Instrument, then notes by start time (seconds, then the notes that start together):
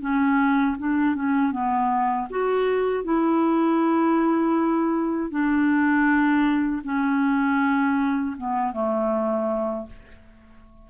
clarinet
0.00 C#4
0.78 D4
1.15 C#4
1.51 B3
2.30 F#4
3.03 E4
5.30 D4
6.84 C#4
8.37 B3
8.72 A3